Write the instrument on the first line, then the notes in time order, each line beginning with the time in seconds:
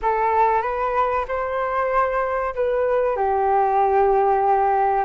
flute
0.02 A4
0.62 B4
1.28 C5
2.54 B4
3.16 G4